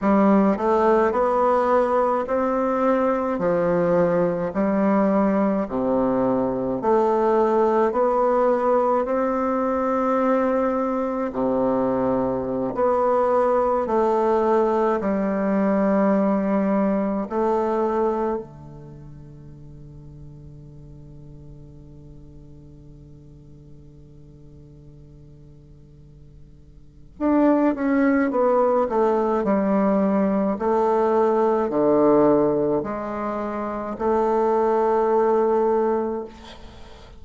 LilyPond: \new Staff \with { instrumentName = "bassoon" } { \time 4/4 \tempo 4 = 53 g8 a8 b4 c'4 f4 | g4 c4 a4 b4 | c'2 c4~ c16 b8.~ | b16 a4 g2 a8.~ |
a16 d2.~ d8.~ | d1 | d'8 cis'8 b8 a8 g4 a4 | d4 gis4 a2 | }